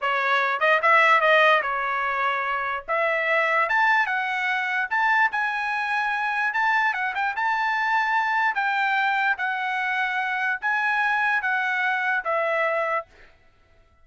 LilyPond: \new Staff \with { instrumentName = "trumpet" } { \time 4/4 \tempo 4 = 147 cis''4. dis''8 e''4 dis''4 | cis''2. e''4~ | e''4 a''4 fis''2 | a''4 gis''2. |
a''4 fis''8 g''8 a''2~ | a''4 g''2 fis''4~ | fis''2 gis''2 | fis''2 e''2 | }